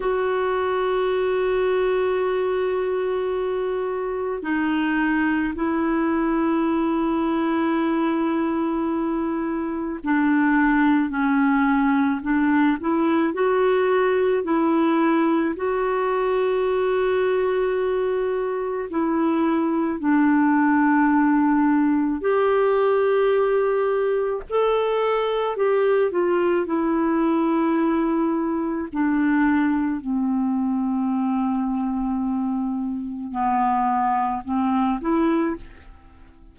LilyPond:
\new Staff \with { instrumentName = "clarinet" } { \time 4/4 \tempo 4 = 54 fis'1 | dis'4 e'2.~ | e'4 d'4 cis'4 d'8 e'8 | fis'4 e'4 fis'2~ |
fis'4 e'4 d'2 | g'2 a'4 g'8 f'8 | e'2 d'4 c'4~ | c'2 b4 c'8 e'8 | }